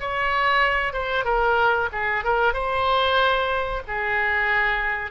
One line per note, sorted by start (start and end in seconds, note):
0.00 0.93 C#5
0.93 1.24 C5
1.24 1.89 A#4
1.92 2.24 G#4
2.24 2.53 A#4
2.53 3.82 C5
3.87 5.11 G#4